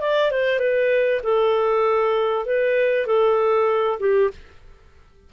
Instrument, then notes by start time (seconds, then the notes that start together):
clarinet
0.00 D5
0.31 C5
0.59 B4
1.23 A4
2.45 B4
3.06 A4
3.99 G4